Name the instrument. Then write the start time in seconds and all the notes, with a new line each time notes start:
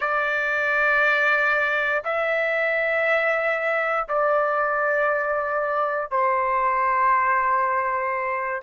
trumpet
0.00 D5
2.04 E5
4.08 D5
6.11 C5